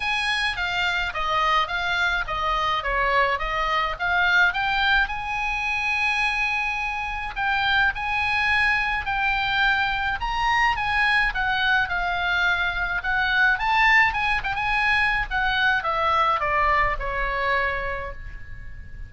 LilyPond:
\new Staff \with { instrumentName = "oboe" } { \time 4/4 \tempo 4 = 106 gis''4 f''4 dis''4 f''4 | dis''4 cis''4 dis''4 f''4 | g''4 gis''2.~ | gis''4 g''4 gis''2 |
g''2 ais''4 gis''4 | fis''4 f''2 fis''4 | a''4 gis''8 g''16 gis''4~ gis''16 fis''4 | e''4 d''4 cis''2 | }